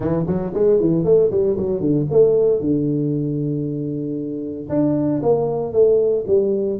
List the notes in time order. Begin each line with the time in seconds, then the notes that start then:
0.00 E3
0.27 F#3
0.54 G#3
0.79 E3
1.04 A3
1.30 G3
1.57 F#3
1.80 D3
2.10 A3
2.60 D3
4.69 D4
5.22 A#3
5.72 A3
6.27 G3